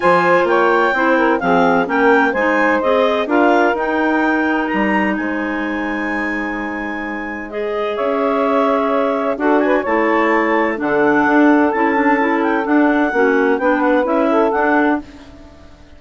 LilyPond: <<
  \new Staff \with { instrumentName = "clarinet" } { \time 4/4 \tempo 4 = 128 gis''4 g''2 f''4 | g''4 gis''4 dis''4 f''4 | g''2 ais''4 gis''4~ | gis''1 |
dis''4 e''2. | fis''8 gis''8 a''2 fis''4~ | fis''4 a''4. g''8 fis''4~ | fis''4 g''8 fis''8 e''4 fis''4 | }
  \new Staff \with { instrumentName = "saxophone" } { \time 4/4 c''4 cis''4 c''8 ais'8 gis'4 | ais'4 c''2 ais'4~ | ais'2. c''4~ | c''1~ |
c''4 cis''2. | a'8 b'8 cis''2 a'4~ | a'1 | fis'4 b'4. a'4. | }
  \new Staff \with { instrumentName = "clarinet" } { \time 4/4 f'2 e'4 c'4 | cis'4 dis'4 gis'4 f'4 | dis'1~ | dis'1 |
gis'1 | fis'4 e'2 d'4~ | d'4 e'8 d'8 e'4 d'4 | cis'4 d'4 e'4 d'4 | }
  \new Staff \with { instrumentName = "bassoon" } { \time 4/4 f4 ais4 c'4 f4 | ais4 gis4 c'4 d'4 | dis'2 g4 gis4~ | gis1~ |
gis4 cis'2. | d'4 a2 d4 | d'4 cis'2 d'4 | ais4 b4 cis'4 d'4 | }
>>